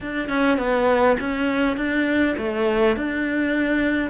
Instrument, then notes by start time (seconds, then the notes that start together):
cello
0.00 D4
0.28 C#4
0.57 B3
1.20 C#4
1.76 D4
2.37 A3
2.96 D4